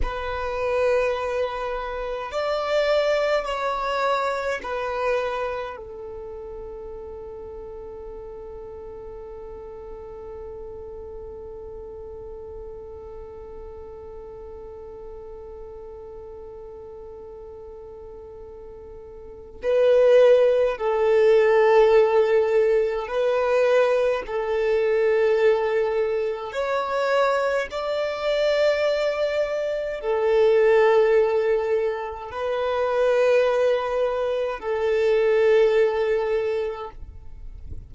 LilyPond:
\new Staff \with { instrumentName = "violin" } { \time 4/4 \tempo 4 = 52 b'2 d''4 cis''4 | b'4 a'2.~ | a'1~ | a'1~ |
a'4 b'4 a'2 | b'4 a'2 cis''4 | d''2 a'2 | b'2 a'2 | }